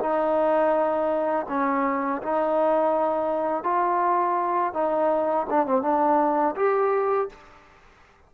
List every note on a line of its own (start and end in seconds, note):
0.00 1.46 D#4
1.49 2.22 C#4
2.22 3.64 D#4
3.64 4.73 F4
4.74 5.47 D#4
5.50 5.66 D4
5.66 5.82 C4
5.82 6.55 D4
6.56 7.29 G4